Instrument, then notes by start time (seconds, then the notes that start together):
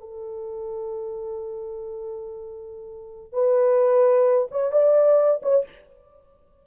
horn
0.00 A4
3.33 B4
4.51 C#5
4.72 D5
5.42 C#5